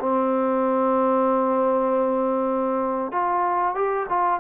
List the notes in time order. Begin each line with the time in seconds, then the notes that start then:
0.00 C4
3.12 F4
3.75 G4
4.09 F4